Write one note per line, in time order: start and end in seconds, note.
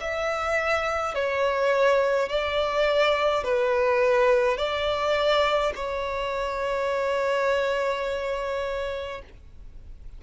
0.00 1.14 E5
1.14 2.29 C#5
2.29 3.44 D5
3.44 4.57 B4
4.57 5.73 D5
5.75 9.22 C#5